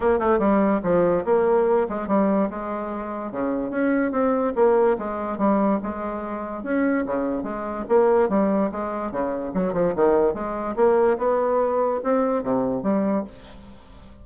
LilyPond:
\new Staff \with { instrumentName = "bassoon" } { \time 4/4 \tempo 4 = 145 ais8 a8 g4 f4 ais4~ | ais8 gis8 g4 gis2 | cis4 cis'4 c'4 ais4 | gis4 g4 gis2 |
cis'4 cis4 gis4 ais4 | g4 gis4 cis4 fis8 f8 | dis4 gis4 ais4 b4~ | b4 c'4 c4 g4 | }